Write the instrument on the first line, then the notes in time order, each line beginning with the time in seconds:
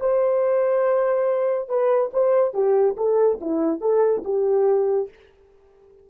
horn
0.00 C5
1.69 B4
2.13 C5
2.54 G4
2.97 A4
3.41 E4
3.81 A4
4.24 G4